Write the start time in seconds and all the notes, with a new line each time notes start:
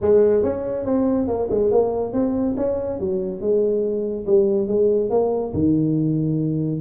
0.01 G#3
0.43 C#4
0.85 C4
1.27 A#3
1.50 G#3
1.71 A#3
2.13 C4
2.56 C#4
2.99 F#3
3.40 G#3
4.26 G3
4.67 G#3
5.10 A#3
5.53 D#3